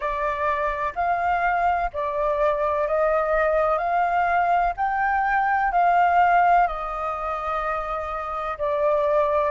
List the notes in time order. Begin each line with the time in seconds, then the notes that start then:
0.00 D5
0.95 F5
1.93 D5
2.87 D#5
3.77 F5
4.77 G5
5.71 F5
6.67 D#5
8.58 D5